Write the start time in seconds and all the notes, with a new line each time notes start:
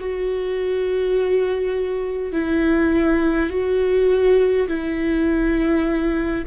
0.00 F#4
2.33 E4
3.50 F#4
4.68 E4